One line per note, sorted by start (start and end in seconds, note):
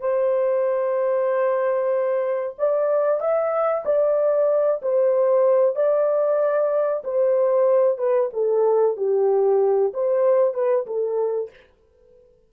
0.00 2.55 C5
2.58 3.20 D5
3.20 3.84 E5
3.85 4.81 D5
4.82 5.75 C5
5.75 7.03 D5
7.04 7.98 C5
7.98 8.30 B4
8.33 8.97 A4
8.97 9.93 G4
9.93 10.54 C5
10.54 10.86 B4
10.86 11.50 A4